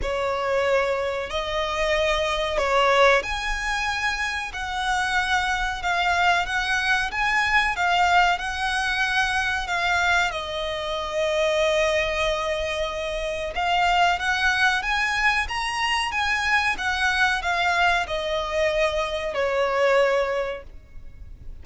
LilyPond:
\new Staff \with { instrumentName = "violin" } { \time 4/4 \tempo 4 = 93 cis''2 dis''2 | cis''4 gis''2 fis''4~ | fis''4 f''4 fis''4 gis''4 | f''4 fis''2 f''4 |
dis''1~ | dis''4 f''4 fis''4 gis''4 | ais''4 gis''4 fis''4 f''4 | dis''2 cis''2 | }